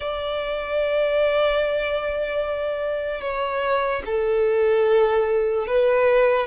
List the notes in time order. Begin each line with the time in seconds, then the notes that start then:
0.00 D5
3.21 C#5
4.05 A4
5.66 B4